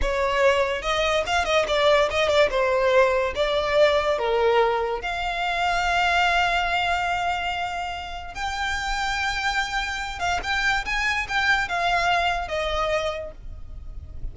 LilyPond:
\new Staff \with { instrumentName = "violin" } { \time 4/4 \tempo 4 = 144 cis''2 dis''4 f''8 dis''8 | d''4 dis''8 d''8 c''2 | d''2 ais'2 | f''1~ |
f''1 | g''1~ | g''8 f''8 g''4 gis''4 g''4 | f''2 dis''2 | }